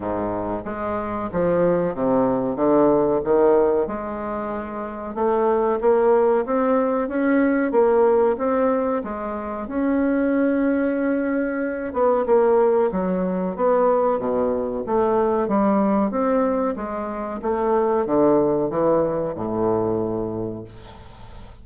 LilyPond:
\new Staff \with { instrumentName = "bassoon" } { \time 4/4 \tempo 4 = 93 gis,4 gis4 f4 c4 | d4 dis4 gis2 | a4 ais4 c'4 cis'4 | ais4 c'4 gis4 cis'4~ |
cis'2~ cis'8 b8 ais4 | fis4 b4 b,4 a4 | g4 c'4 gis4 a4 | d4 e4 a,2 | }